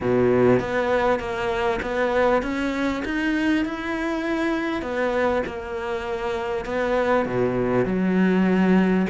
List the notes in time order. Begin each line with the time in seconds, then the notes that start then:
0.01 B2
0.59 B3
1.19 A#3
1.82 B3
2.42 C#4
3.04 D#4
3.65 E4
4.82 B3
5.46 A#3
6.65 B3
7.25 B2
7.85 F#3